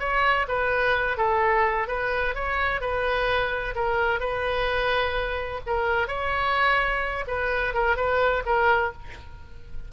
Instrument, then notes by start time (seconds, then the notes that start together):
oboe
0.00 C#5
0.49 B4
1.18 A4
1.88 B4
2.35 C#5
2.81 B4
3.76 A#4
4.20 B4
5.67 A#4
6.08 C#5
7.28 B4
7.75 A#4
7.97 B4
8.46 A#4